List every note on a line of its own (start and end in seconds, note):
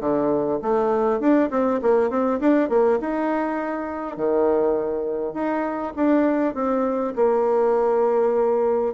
0.00 0.59 D3
0.62 1.20 A3
1.20 1.50 D4
1.50 1.80 C4
1.82 2.10 A#3
2.10 2.40 C4
2.40 2.69 D4
2.69 2.99 A#3
3.00 4.17 D#4
4.17 5.34 D#3
5.34 5.93 D#4
5.96 6.55 D4
6.55 7.14 C4
7.16 8.94 A#3